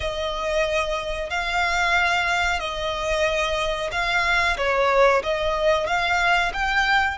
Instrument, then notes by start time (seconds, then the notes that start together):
violin
0.00 D#5
1.30 F5
2.59 D#5
3.91 F5
4.57 C#5
5.23 D#5
5.86 F5
6.53 G5